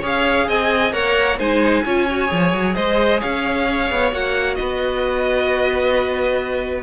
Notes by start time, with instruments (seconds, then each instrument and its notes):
0.00 cello C#4, viola G#4, violin C#5 F5
0.47 cello C4, violin D#5 G#5
0.92 cello A#3, viola A#4, violin C#5 F#5
1.38 cello G#3, viola D#4, violin C5 G#5
1.84 cello C#4, viola F4, violin C#5
2.10 viola F#4
2.27 cello F3, viola G#4
2.53 cello F#3
2.75 cello G#3, violin C5 D#5
3.20 cello C#4, violin C#5 F5
3.91 cello B3
4.12 cello A#3, viola F#4, violin F#5
4.55 cello B3, violin B4 D#5